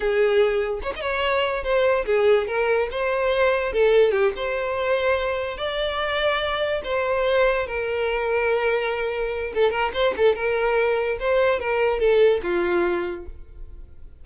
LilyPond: \new Staff \with { instrumentName = "violin" } { \time 4/4 \tempo 4 = 145 gis'2 cis''16 dis''16 cis''4. | c''4 gis'4 ais'4 c''4~ | c''4 a'4 g'8 c''4.~ | c''4. d''2~ d''8~ |
d''8 c''2 ais'4.~ | ais'2. a'8 ais'8 | c''8 a'8 ais'2 c''4 | ais'4 a'4 f'2 | }